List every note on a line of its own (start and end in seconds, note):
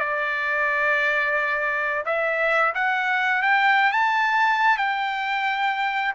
0.00 2.05 D5
2.05 2.74 E5
2.75 3.42 F#5
3.42 3.92 G5
3.92 4.78 A5
4.78 6.14 G5